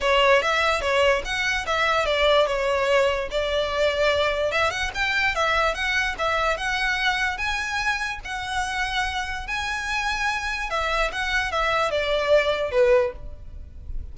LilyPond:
\new Staff \with { instrumentName = "violin" } { \time 4/4 \tempo 4 = 146 cis''4 e''4 cis''4 fis''4 | e''4 d''4 cis''2 | d''2. e''8 fis''8 | g''4 e''4 fis''4 e''4 |
fis''2 gis''2 | fis''2. gis''4~ | gis''2 e''4 fis''4 | e''4 d''2 b'4 | }